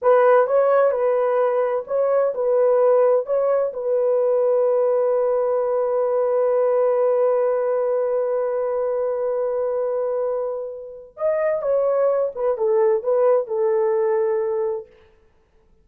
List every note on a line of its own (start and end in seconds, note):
0.02 0.46 B4
0.46 0.91 C#5
0.91 1.84 B4
1.87 2.33 C#5
2.34 3.26 B4
3.26 3.72 C#5
3.73 11.16 B4
11.16 11.62 D#5
11.62 12.31 C#5
12.35 12.57 B4
12.57 13.03 A4
13.03 13.47 B4
13.47 14.86 A4